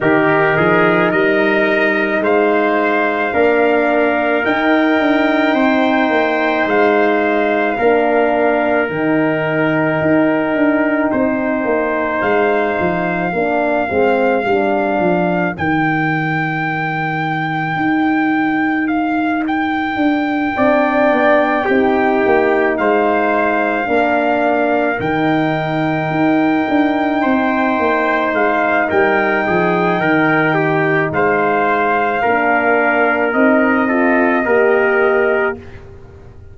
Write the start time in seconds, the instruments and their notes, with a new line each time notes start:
0.00 tuba D#3, horn D#4, trumpet G4 A#4
0.56 tuba F3, trumpet G#4
1.10 tuba G3, trumpet A#4 D#5
2.20 tuba G#3, trumpet C5 F5
3.32 tuba A#3, horn D4, trumpet A#4
4.43 horn D#4, tuba D#4, trumpet G5
4.99 tuba D4
5.54 tuba C4, trumpet C5
6.09 tuba A#3
6.66 tuba G#3, trumpet F5
7.77 tuba A#3, horn D4, trumpet A#4
8.88 tuba D#3, horn D#4, trumpet G5
10.01 tuba D#4
10.55 tuba D4
11.11 tuba C4, trumpet C5
11.64 tuba A#3
12.21 tuba G#3, trumpet F5
12.79 tuba F3
13.31 tuba A#3, horn D4, trumpet A#4
13.88 tuba G#3, horn C4
14.45 tuba G3, horn D4
14.99 tuba F3
15.56 tuba D#3, horn D#4, trumpet G5
17.76 tuba D#4
18.87 trumpet F5
19.47 trumpet G5
19.96 tuba D4
20.54 tuba C4, horn D4, trumpet D5
21.11 tuba B3
21.65 tuba C4, horn D#4, trumpet G4
22.25 tuba A#3
22.77 tuba G#3, trumpet C5 F5
23.85 tuba A#3, horn D4, trumpet A#4
24.99 tuba D#3, horn D#4, trumpet G5
26.10 tuba D#4
26.68 tuba D4
27.21 tuba C4, trumpet C5
27.79 tuba A#3
28.33 tuba G#3, trumpet F5
28.88 tuba G3, trumpet A#4 G5
29.46 tuba F3, trumpet G#4
29.99 tuba D#3, trumpet A#4
30.54 trumpet G4
31.11 tuba G#3, trumpet C5 F5
32.22 tuba A#3, horn D4, trumpet A#4
33.32 tuba C4, horn D#4, trumpet D#5
33.87 horn F4, trumpet A4
34.45 tuba A#3, horn G4, trumpet A#4